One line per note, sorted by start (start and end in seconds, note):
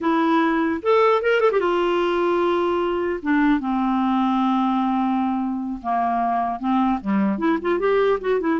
0.00 0.80 E4
0.82 1.21 A4
1.21 1.40 A#4
1.40 1.50 A4
1.51 1.59 G4
1.59 3.19 F4
3.22 3.59 D4
3.59 5.79 C4
5.82 6.59 A#3
6.59 6.99 C4
7.00 7.38 G3
7.38 7.58 E4
7.61 7.79 F4
7.79 8.19 G4
8.21 8.40 F#4
8.40 8.59 E4